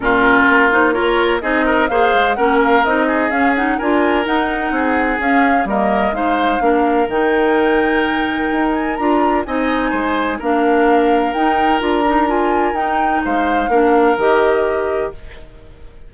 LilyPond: <<
  \new Staff \with { instrumentName = "flute" } { \time 4/4 \tempo 4 = 127 ais'4. c''8 cis''4 dis''4 | f''4 fis''8 f''8 dis''4 f''8 fis''8 | gis''4 fis''2 f''4 | dis''4 f''2 g''4~ |
g''2~ g''8 gis''8 ais''4 | gis''2 f''2 | g''4 ais''4 gis''4 g''4 | f''2 dis''2 | }
  \new Staff \with { instrumentName = "oboe" } { \time 4/4 f'2 ais'4 gis'8 ais'8 | c''4 ais'4. gis'4. | ais'2 gis'2 | ais'4 c''4 ais'2~ |
ais'1 | dis''4 c''4 ais'2~ | ais'1 | c''4 ais'2. | }
  \new Staff \with { instrumentName = "clarinet" } { \time 4/4 cis'4. dis'8 f'4 dis'4 | gis'4 cis'4 dis'4 cis'8 dis'8 | f'4 dis'2 cis'4 | ais4 dis'4 d'4 dis'4~ |
dis'2. f'4 | dis'2 d'2 | dis'4 f'8 dis'8 f'4 dis'4~ | dis'4 d'4 g'2 | }
  \new Staff \with { instrumentName = "bassoon" } { \time 4/4 ais,4 ais2 c'4 | ais8 gis8 ais4 c'4 cis'4 | d'4 dis'4 c'4 cis'4 | g4 gis4 ais4 dis4~ |
dis2 dis'4 d'4 | c'4 gis4 ais2 | dis'4 d'2 dis'4 | gis4 ais4 dis2 | }
>>